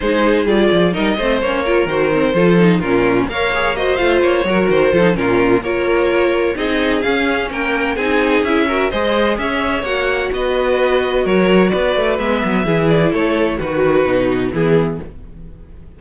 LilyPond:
<<
  \new Staff \with { instrumentName = "violin" } { \time 4/4 \tempo 4 = 128 c''4 d''4 dis''4 cis''4 | c''2 ais'4 f''4 | dis''8 f''8 cis''4 c''4 ais'4 | cis''2 dis''4 f''4 |
g''4 gis''4 e''4 dis''4 | e''4 fis''4 dis''2 | cis''4 d''4 e''4. d''8 | cis''4 b'2 gis'4 | }
  \new Staff \with { instrumentName = "violin" } { \time 4/4 gis'2 ais'8 c''4 ais'8~ | ais'4 a'4 f'4 cis''4 | c''4. ais'4 a'8 f'4 | ais'2 gis'2 |
ais'4 gis'4. ais'8 c''4 | cis''2 b'2 | ais'4 b'2 gis'4 | a'4 fis'2 e'4 | }
  \new Staff \with { instrumentName = "viola" } { \time 4/4 dis'4 f'4 dis'8 c'8 cis'8 f'8 | fis'8 c'8 f'8 dis'8 cis'4 ais'8 gis'8 | fis'8 f'4 fis'4 f'16 dis'16 cis'4 | f'2 dis'4 cis'4~ |
cis'4 dis'4 e'8 fis'8 gis'4~ | gis'4 fis'2.~ | fis'2 b4 e'4~ | e'4 fis'4 dis'4 b4 | }
  \new Staff \with { instrumentName = "cello" } { \time 4/4 gis4 g8 f8 g8 a8 ais4 | dis4 f4 ais,4 ais4~ | ais8 a8 ais8 fis8 dis8 f8 ais,4 | ais2 c'4 cis'4 |
ais4 c'4 cis'4 gis4 | cis'4 ais4 b2 | fis4 b8 a8 gis8 fis8 e4 | a4 dis4 b,4 e4 | }
>>